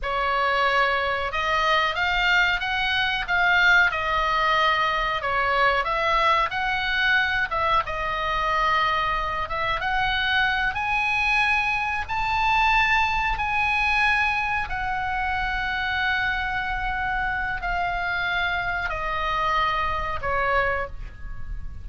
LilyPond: \new Staff \with { instrumentName = "oboe" } { \time 4/4 \tempo 4 = 92 cis''2 dis''4 f''4 | fis''4 f''4 dis''2 | cis''4 e''4 fis''4. e''8 | dis''2~ dis''8 e''8 fis''4~ |
fis''8 gis''2 a''4.~ | a''8 gis''2 fis''4.~ | fis''2. f''4~ | f''4 dis''2 cis''4 | }